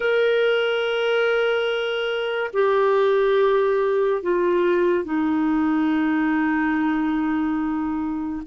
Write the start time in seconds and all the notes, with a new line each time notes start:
0.00 A#4
2.53 G4
4.22 F4
5.04 D#4